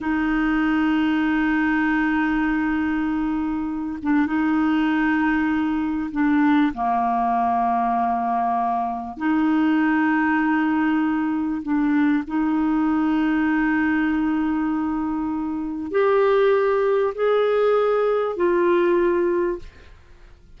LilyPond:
\new Staff \with { instrumentName = "clarinet" } { \time 4/4 \tempo 4 = 98 dis'1~ | dis'2~ dis'8 d'8 dis'4~ | dis'2 d'4 ais4~ | ais2. dis'4~ |
dis'2. d'4 | dis'1~ | dis'2 g'2 | gis'2 f'2 | }